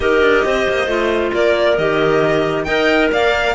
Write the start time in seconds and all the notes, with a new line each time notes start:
0.00 D#4 G4 A#4 D#5
0.21 D4
0.45 C4 C5
0.68 A#3
0.86 A3 F4
1.33 A#3 A#4 D5
1.77 D#3 G4 D#5
2.64 D#4 A#4 D#5 G5
3.11 A#3 D5 F5